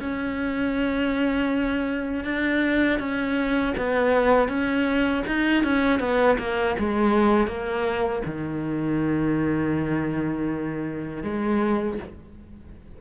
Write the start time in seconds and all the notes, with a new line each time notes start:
0.00 C#4
2.24 D4
2.99 C#4
3.77 B3
4.48 C#4
5.27 D#4
5.64 C#4
6.00 B3
6.39 A#3
6.79 G#3
7.47 A#3
8.25 D#3
11.23 G#3